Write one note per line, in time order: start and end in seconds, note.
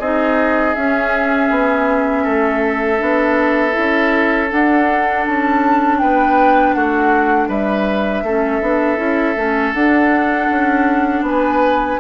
0.00 0.75 C4
0.00 0.76 D#4
0.00 2.24 G#4
0.00 0.75 D#5
0.75 2.98 C#4
0.75 1.51 C#4
0.75 4.50 E5
1.51 2.26 B3
2.24 3.02 A3
2.24 5.99 A4
2.98 3.77 B3
2.98 3.72 D4
3.72 4.53 C#4
3.72 4.47 E4
4.50 8.25 D4
4.50 5.27 D4
4.50 5.26 F#5
5.27 6.02 C#4
5.27 5.99 A5
5.99 6.76 B3
5.99 6.76 B4
5.99 6.74 G5
6.74 7.49 A3
6.74 7.49 F#4
6.74 7.49 F#5
7.49 8.23 G3
7.49 8.24 B4
7.49 9.73 E5
8.23 8.61 A3
8.23 8.62 C#4
8.23 11.25 A4
8.62 8.98 B3
8.62 8.97 D4
8.97 9.35 C#4
8.97 9.35 E4
9.37 9.74 A3
9.37 9.74 C#4
9.73 10.49 D4
9.73 12.00 D4
9.73 11.23 F#5
10.50 11.22 C#4
11.22 11.97 B3
11.22 12.00 B4
11.22 12.00 G#5